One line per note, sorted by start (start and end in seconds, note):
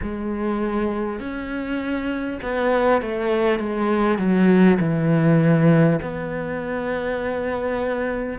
0.02 1.19 G#3
1.19 2.39 C#4
2.42 3.01 B3
3.01 3.59 A3
3.59 4.18 G#3
4.18 4.78 F#3
4.79 5.99 E3
6.01 8.38 B3